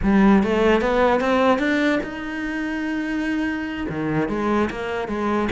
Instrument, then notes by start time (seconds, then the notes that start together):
cello
0.03 G3
0.43 A3
0.81 B3
1.20 C4
1.58 D4
2.03 D#4
3.89 D#3
4.28 G#3
4.70 A#3
5.08 G#3